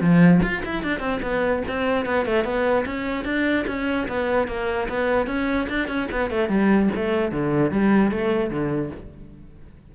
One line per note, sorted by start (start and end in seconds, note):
0.00 0.41 F3
0.42 0.62 F4
0.65 0.83 E4
0.83 0.99 D4
0.99 1.20 C4
1.22 1.62 B3
1.68 2.05 C4
2.05 2.26 B3
2.26 2.44 A3
2.44 2.85 B3
2.85 3.25 C#4
3.25 3.65 D4
3.67 4.07 C#4
4.08 4.47 B3
4.47 4.88 A#3
4.88 5.26 B3
5.26 5.67 C#4
5.69 5.87 D4
5.87 6.08 C#4
6.11 6.30 B3
6.30 6.48 A3
6.48 6.89 G3
6.95 7.31 A3
7.31 7.71 D3
7.71 8.11 G3
8.11 8.50 A3
8.50 8.90 D3